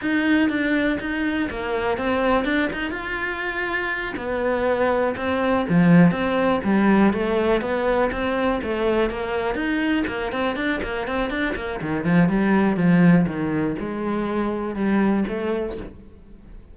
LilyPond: \new Staff \with { instrumentName = "cello" } { \time 4/4 \tempo 4 = 122 dis'4 d'4 dis'4 ais4 | c'4 d'8 dis'8 f'2~ | f'8 b2 c'4 f8~ | f8 c'4 g4 a4 b8~ |
b8 c'4 a4 ais4 dis'8~ | dis'8 ais8 c'8 d'8 ais8 c'8 d'8 ais8 | dis8 f8 g4 f4 dis4 | gis2 g4 a4 | }